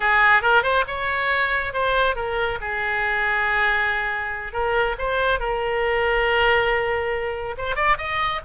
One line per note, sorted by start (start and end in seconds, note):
0.00 0.42 G#4
0.42 0.63 A#4
0.63 0.84 C5
0.87 1.73 C#5
1.73 2.15 C5
2.15 2.59 A#4
2.60 4.52 G#4
4.52 4.96 A#4
4.98 5.39 C5
5.39 7.55 A#4
7.57 7.75 C5
7.75 7.97 D5
7.97 8.40 D#5